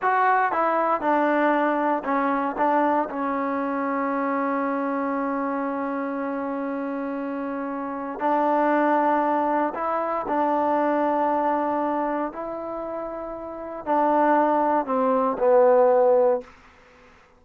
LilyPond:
\new Staff \with { instrumentName = "trombone" } { \time 4/4 \tempo 4 = 117 fis'4 e'4 d'2 | cis'4 d'4 cis'2~ | cis'1~ | cis'1 |
d'2. e'4 | d'1 | e'2. d'4~ | d'4 c'4 b2 | }